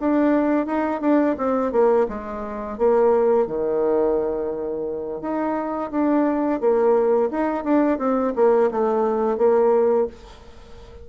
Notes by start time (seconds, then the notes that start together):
0.00 D4
0.66 D#4
1.01 D4
1.38 C4
1.72 A#3
2.08 G#3
2.78 A#3
3.47 D#3
5.21 D#4
5.91 D4
6.60 A#3
7.31 D#4
7.64 D4
7.99 C4
8.36 A#3
8.71 A3
9.38 A#3